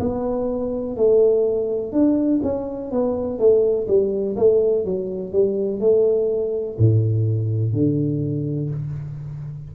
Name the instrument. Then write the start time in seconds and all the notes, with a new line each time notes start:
tuba
0.00 B3
0.96 A3
1.92 D4
2.43 C#4
2.91 B3
3.39 A3
3.88 G3
4.36 A3
4.85 F#3
5.32 G3
5.80 A3
6.78 A2
7.73 D3